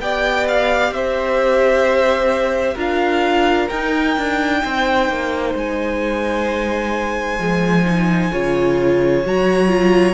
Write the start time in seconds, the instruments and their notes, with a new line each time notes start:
0.00 cello B3, viola G4, violin D5 G5
0.48 violin F5
0.91 cello C4, violin C5 E5
2.75 cello D4, viola F4, violin A#4 F5
3.69 cello D#4, viola D#4, violin G5
4.18 cello D4
4.64 cello C4, violin C5
5.10 cello A#3
5.55 cello G#3, violin G#5
7.39 cello F3, viola G#3
7.86 viola D#4
8.32 cello C#3, viola F4, violin C#5
9.25 cello F#3, viola F#4, violin A#5
9.68 viola F4